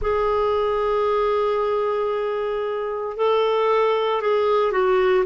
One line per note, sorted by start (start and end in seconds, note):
0.01 3.16 G#4
3.16 4.21 A4
4.21 4.71 G#4
4.71 5.24 F#4